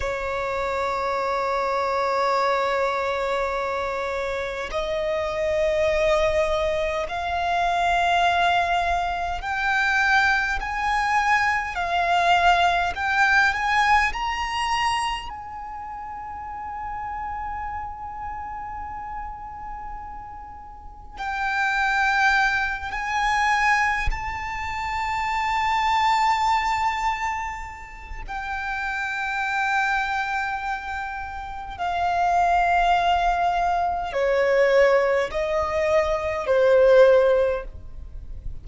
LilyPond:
\new Staff \with { instrumentName = "violin" } { \time 4/4 \tempo 4 = 51 cis''1 | dis''2 f''2 | g''4 gis''4 f''4 g''8 gis''8 | ais''4 gis''2.~ |
gis''2 g''4. gis''8~ | gis''8 a''2.~ a''8 | g''2. f''4~ | f''4 cis''4 dis''4 c''4 | }